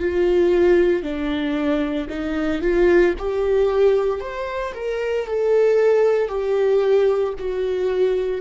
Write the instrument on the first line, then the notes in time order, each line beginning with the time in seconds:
viola
0.00 F4
1.03 D4
2.10 D#4
2.62 F4
3.19 G4
4.21 C5
4.75 A#4
5.27 A4
6.29 G4
7.39 F#4